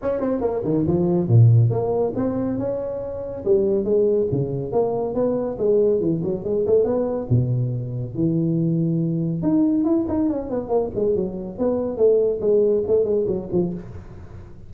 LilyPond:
\new Staff \with { instrumentName = "tuba" } { \time 4/4 \tempo 4 = 140 cis'8 c'8 ais8 dis8 f4 ais,4 | ais4 c'4 cis'2 | g4 gis4 cis4 ais4 | b4 gis4 e8 fis8 gis8 a8 |
b4 b,2 e4~ | e2 dis'4 e'8 dis'8 | cis'8 b8 ais8 gis8 fis4 b4 | a4 gis4 a8 gis8 fis8 f8 | }